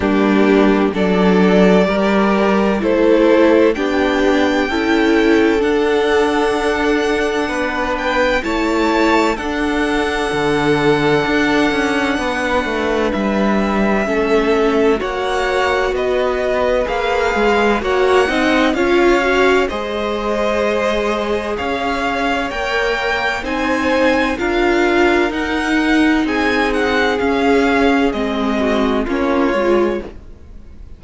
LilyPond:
<<
  \new Staff \with { instrumentName = "violin" } { \time 4/4 \tempo 4 = 64 g'4 d''2 c''4 | g''2 fis''2~ | fis''8 g''8 a''4 fis''2~ | fis''2 e''2 |
fis''4 dis''4 f''4 fis''4 | f''4 dis''2 f''4 | g''4 gis''4 f''4 fis''4 | gis''8 fis''8 f''4 dis''4 cis''4 | }
  \new Staff \with { instrumentName = "violin" } { \time 4/4 d'4 a'4 ais'4 a'4 | g'4 a'2. | b'4 cis''4 a'2~ | a'4 b'2 a'4 |
cis''4 b'2 cis''8 dis''8 | cis''4 c''2 cis''4~ | cis''4 c''4 ais'2 | gis'2~ gis'8 fis'8 f'4 | }
  \new Staff \with { instrumentName = "viola" } { \time 4/4 ais4 d'4 g'4 e'4 | d'4 e'4 d'2~ | d'4 e'4 d'2~ | d'2. cis'4 |
fis'2 gis'4 fis'8 dis'8 | f'8 fis'8 gis'2. | ais'4 dis'4 f'4 dis'4~ | dis'4 cis'4 c'4 cis'8 f'8 | }
  \new Staff \with { instrumentName = "cello" } { \time 4/4 g4 fis4 g4 a4 | b4 cis'4 d'2 | b4 a4 d'4 d4 | d'8 cis'8 b8 a8 g4 a4 |
ais4 b4 ais8 gis8 ais8 c'8 | cis'4 gis2 cis'4 | ais4 c'4 d'4 dis'4 | c'4 cis'4 gis4 ais8 gis8 | }
>>